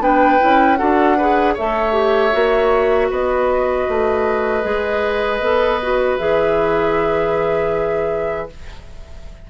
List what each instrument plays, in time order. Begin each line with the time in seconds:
0.00 bassoon B3, clarinet D4, oboe B4, flute G5
0.40 bassoon C#4, clarinet E4
0.77 bassoon D4, clarinet F#4, oboe A4, flute F#5
1.17 clarinet G#4, oboe B4
1.54 bassoon A3, clarinet A4, oboe C#5, flute E5
1.93 clarinet G4
2.32 bassoon A#3, clarinet F#4
3.10 bassoon B3, oboe B4, flute D#5
3.89 bassoon A3
4.63 bassoon G#3, clarinet G#4
5.40 bassoon B3, clarinet A4
5.83 clarinet F#4
6.18 bassoon E3, clarinet G#4, flute E5